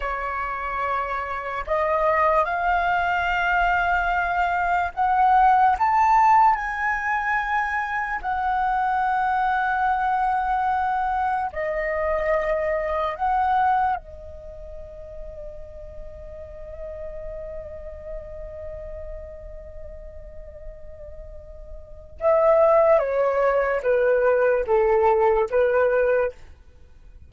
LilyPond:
\new Staff \with { instrumentName = "flute" } { \time 4/4 \tempo 4 = 73 cis''2 dis''4 f''4~ | f''2 fis''4 a''4 | gis''2 fis''2~ | fis''2 dis''2 |
fis''4 dis''2.~ | dis''1~ | dis''2. e''4 | cis''4 b'4 a'4 b'4 | }